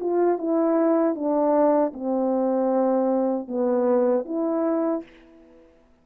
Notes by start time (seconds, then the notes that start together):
0.00 F4
0.38 E4
1.15 D4
1.93 C4
3.48 B3
4.25 E4